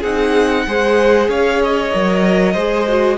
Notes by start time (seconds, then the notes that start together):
0.00 C4 D#4 G#4 F#5
0.66 G#3 G#4 C5
1.28 C#4 C#5 F5
1.63 D#5
1.91 F#3 A#4
2.53 G#3 G#4 C5
2.88 F#4